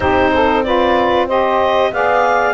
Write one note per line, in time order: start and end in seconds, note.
0.00 1.91 C4
0.00 0.64 D#4
0.00 0.32 G4
0.00 0.63 C5
0.33 0.64 A4
0.63 1.28 F4
0.63 1.27 B4
0.63 1.27 D5
1.27 1.92 G4
1.27 1.91 C5
1.27 1.92 D#5
1.92 2.54 B3
1.92 2.54 G#4
1.92 2.54 D5
1.92 2.54 F5